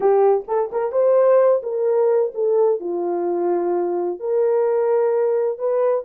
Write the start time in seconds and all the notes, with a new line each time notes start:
0.00 G4
0.47 A4
0.72 A#4
0.92 C5
1.62 A#4
2.34 A4
2.80 F4
4.19 A#4
5.58 B4